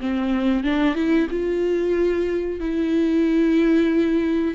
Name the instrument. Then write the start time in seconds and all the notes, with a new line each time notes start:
viola
0.00 C4
0.64 D4
0.95 E4
1.30 F4
2.60 E4